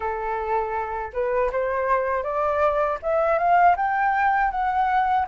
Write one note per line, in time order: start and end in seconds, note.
0.00 1.12 A4
1.13 1.50 B4
1.52 2.23 C5
2.23 2.98 D5
3.02 3.38 E5
3.38 3.75 F5
3.76 4.51 G5
4.51 5.26 F#5